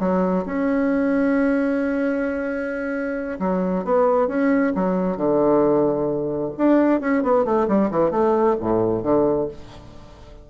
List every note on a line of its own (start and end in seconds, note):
0.00 0.45 F#3
0.46 3.39 C#4
3.40 3.85 F#3
3.85 4.28 B3
4.28 4.73 C#4
4.75 5.17 F#3
5.17 6.52 D3
6.58 7.01 D4
7.01 7.23 C#4
7.23 7.45 B3
7.45 7.68 A3
7.68 7.91 G3
7.91 8.11 E3
8.11 8.56 A3
8.60 9.03 A2
9.03 9.48 D3